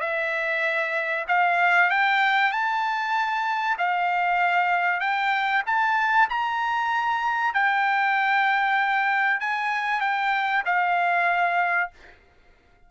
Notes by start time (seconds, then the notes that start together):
0.00 E5
1.28 F5
1.90 G5
2.51 A5
3.78 F5
5.00 G5
5.66 A5
6.29 A#5
7.53 G5
9.40 G#5
10.00 G5
10.65 F5